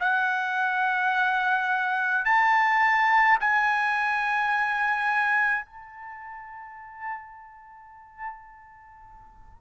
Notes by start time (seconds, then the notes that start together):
0.00 F#5
2.25 A5
3.40 G#5
5.65 A5